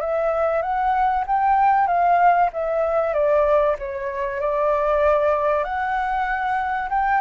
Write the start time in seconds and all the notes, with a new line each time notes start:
0.00 E5
0.62 F#5
1.27 G5
1.87 F5
2.53 E5
3.13 D5
3.78 C#5
4.40 D5
5.64 F#5
6.89 G5